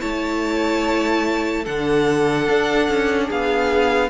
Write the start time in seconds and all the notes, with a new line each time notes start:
0.00 A3 E4 C#5 A5
1.63 D3 D4 A4 F#5
2.48 D4
2.88 C#4
3.27 B3 G#4 F5